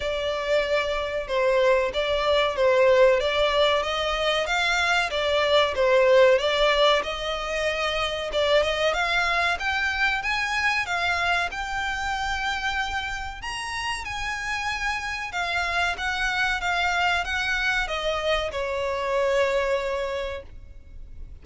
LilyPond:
\new Staff \with { instrumentName = "violin" } { \time 4/4 \tempo 4 = 94 d''2 c''4 d''4 | c''4 d''4 dis''4 f''4 | d''4 c''4 d''4 dis''4~ | dis''4 d''8 dis''8 f''4 g''4 |
gis''4 f''4 g''2~ | g''4 ais''4 gis''2 | f''4 fis''4 f''4 fis''4 | dis''4 cis''2. | }